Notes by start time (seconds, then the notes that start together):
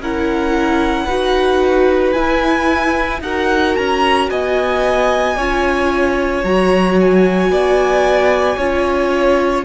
0.00 C#4 E4 A#4 F#5
1.04 D#4 F#4 B4
2.12 E4 G#5
3.20 D#4 F#4 A#4 F#5
3.76 C#4 A#5
4.30 B3 D#5 G#5
5.36 C#4 F4 C#5
6.43 F#3 F#4 A#5
7.00 G#5
7.50 B3 D5
8.57 C#4 F4 C#5